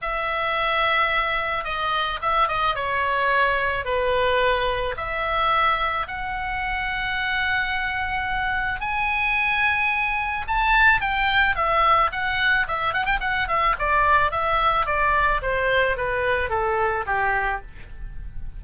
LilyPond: \new Staff \with { instrumentName = "oboe" } { \time 4/4 \tempo 4 = 109 e''2. dis''4 | e''8 dis''8 cis''2 b'4~ | b'4 e''2 fis''4~ | fis''1 |
gis''2. a''4 | g''4 e''4 fis''4 e''8 fis''16 g''16 | fis''8 e''8 d''4 e''4 d''4 | c''4 b'4 a'4 g'4 | }